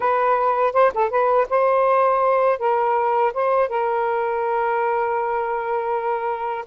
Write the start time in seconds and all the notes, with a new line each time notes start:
0.00 B4
0.73 C5
0.94 A4
1.09 B4
1.49 C5
2.59 A#4
3.33 C5
3.68 A#4